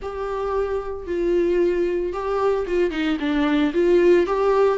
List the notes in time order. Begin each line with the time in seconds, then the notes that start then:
0.02 G4
1.06 F4
2.12 G4
2.66 F4
2.91 D#4
3.19 D4
3.73 F4
4.26 G4